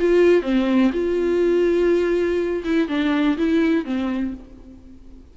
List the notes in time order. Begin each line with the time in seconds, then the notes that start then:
0.00 F4
0.43 C4
0.93 F4
2.65 E4
2.89 D4
3.38 E4
3.85 C4